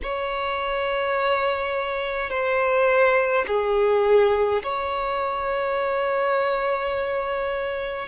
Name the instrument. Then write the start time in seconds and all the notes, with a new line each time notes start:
violin
0.03 C#5
2.30 C5
3.47 G#4
4.63 C#5